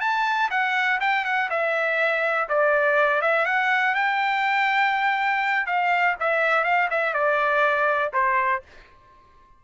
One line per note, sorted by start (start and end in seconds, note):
0.00 0.49 A5
0.50 0.99 F#5
1.00 1.24 G5
1.24 1.49 F#5
1.50 2.48 E5
2.49 3.21 D5
3.21 3.45 E5
3.45 3.95 F#5
3.95 5.66 G5
5.66 6.15 F5
6.20 6.64 E5
6.64 6.88 F5
6.90 7.13 E5
7.13 8.12 D5
8.13 8.62 C5